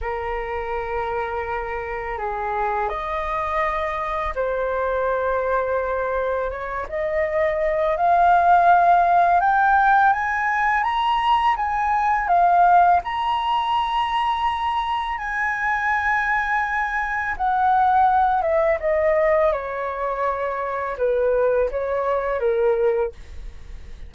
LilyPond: \new Staff \with { instrumentName = "flute" } { \time 4/4 \tempo 4 = 83 ais'2. gis'4 | dis''2 c''2~ | c''4 cis''8 dis''4. f''4~ | f''4 g''4 gis''4 ais''4 |
gis''4 f''4 ais''2~ | ais''4 gis''2. | fis''4. e''8 dis''4 cis''4~ | cis''4 b'4 cis''4 ais'4 | }